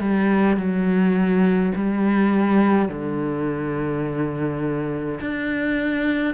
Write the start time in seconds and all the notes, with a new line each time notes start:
0.00 G3
0.57 F#3
1.76 G3
2.89 D3
5.21 D4